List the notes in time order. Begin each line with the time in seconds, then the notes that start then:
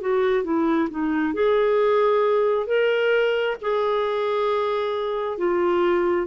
0.00 F#4
0.43 E4
0.90 D#4
1.34 G#4
2.66 A#4
3.61 G#4
5.37 F4